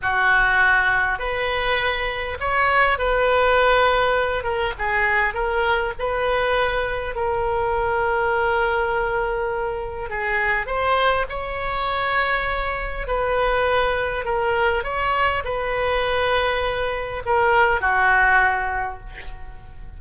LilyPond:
\new Staff \with { instrumentName = "oboe" } { \time 4/4 \tempo 4 = 101 fis'2 b'2 | cis''4 b'2~ b'8 ais'8 | gis'4 ais'4 b'2 | ais'1~ |
ais'4 gis'4 c''4 cis''4~ | cis''2 b'2 | ais'4 cis''4 b'2~ | b'4 ais'4 fis'2 | }